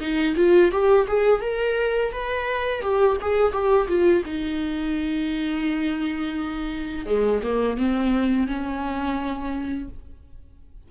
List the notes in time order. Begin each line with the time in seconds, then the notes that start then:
0.00 D#4
0.36 F4
0.72 G4
1.08 G#4
1.41 A#4
2.12 B4
2.81 G4
3.21 G#4
3.52 G4
3.88 F4
4.25 D#4
7.06 G#3
7.43 A#3
7.77 C4
8.47 C#4